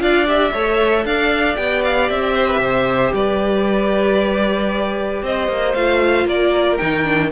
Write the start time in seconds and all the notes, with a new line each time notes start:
0.00 D4 F4 D5 F5
0.26 G4 E5
0.53 A3 A4 C#5
1.04 D4 D5 F5
1.56 B3 G4 G5
1.84 F5
2.09 C4 E5
2.35 C5
2.47 B4
2.59 C3 C5
3.14 G3 B4 D5
5.22 C4 C5 D#5
5.48 A#3
5.74 A3 F4 F5
6.26 A#3 A#4 D5
6.77 D#3 D#4 G5
7.04 D4